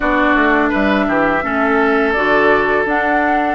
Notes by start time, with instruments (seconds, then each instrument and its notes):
0.00 bassoon B3, clarinet D4, oboe F#4, flute D5
0.35 bassoon A3
0.69 bassoon G3, oboe B4, flute E5
1.07 bassoon E3, oboe G4
1.42 bassoon A3, clarinet C#4, oboe A4
2.12 bassoon D3, clarinet F#4, flute D5
2.85 bassoon D4, clarinet D4, flute F#5